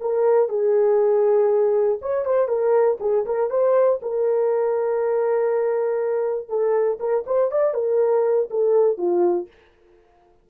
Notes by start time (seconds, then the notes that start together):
0.00 A#4
0.48 G#4
2.01 C#5
2.25 C5
2.48 A#4
3.00 G#4
3.25 A#4
3.50 C5
4.02 A#4
6.49 A4
6.99 A#4
7.26 C5
7.51 D5
7.74 A#4
8.50 A4
8.97 F4